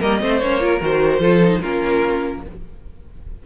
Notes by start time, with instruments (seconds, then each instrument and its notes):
0.00 cello G3, viola A#3, violin A#4 D#5
0.20 cello A3, viola C4, violin C5
0.39 cello A#3, viola C#4, violin C#5
0.60 viola F4, violin A#4
0.80 cello D#3, viola F#4, violin C5
1.18 cello F3, viola F4, violin A4
1.43 viola D#4
1.61 cello A#3, viola C#4, violin F4 A#4